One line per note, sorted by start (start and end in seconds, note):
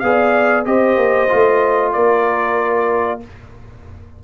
0.00 0.66 B3
0.00 0.66 G#4
0.00 0.68 D5
0.00 0.64 F5
0.66 0.97 C4
0.66 1.29 G4
0.66 1.94 C5
0.66 1.93 D#5
0.97 1.29 A#3
1.29 1.96 A3
1.29 3.20 F4
1.93 3.24 A#3
1.93 3.22 A#4
1.93 3.20 D5